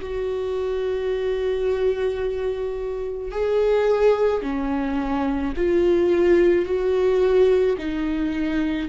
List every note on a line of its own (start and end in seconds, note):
0.00 3.31 F#4
3.31 4.42 G#4
4.42 5.53 C#4
5.56 6.65 F4
6.65 7.76 F#4
7.78 8.88 D#4